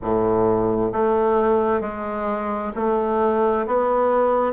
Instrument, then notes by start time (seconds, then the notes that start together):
bassoon
0.02 A2
0.92 A3
1.81 G#3
2.75 A3
3.67 B3